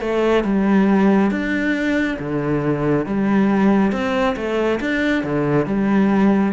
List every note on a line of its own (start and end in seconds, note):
0.00 0.43 A3
0.43 1.30 G3
1.30 2.17 D4
2.19 3.06 D3
3.06 3.92 G3
3.92 4.35 C4
4.36 4.79 A3
4.80 5.23 D4
5.23 5.66 D3
5.66 6.53 G3